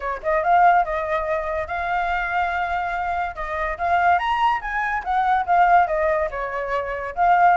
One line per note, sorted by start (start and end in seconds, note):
0.00 0.21 C#5
0.23 0.43 D#5
0.43 0.84 F5
0.84 1.67 D#5
1.67 3.35 F5
3.35 3.77 D#5
3.78 4.18 F5
4.18 4.60 A#5
4.61 5.03 G#5
5.03 5.45 F#5
5.45 5.87 F5
5.87 6.29 D#5
6.30 7.14 C#5
7.15 7.57 F5